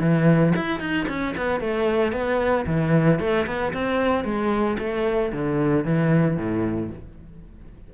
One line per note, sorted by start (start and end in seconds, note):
0.00 0.53 E3
0.56 0.80 E4
0.80 1.06 D#4
1.08 1.35 C#4
1.37 1.60 B3
1.60 2.12 A3
2.12 2.65 B3
2.66 3.20 E3
3.20 3.46 A3
3.46 3.73 B3
3.73 4.24 C4
4.24 4.77 G#3
4.79 5.32 A3
5.32 5.85 D3
5.85 6.37 E3
6.37 6.90 A2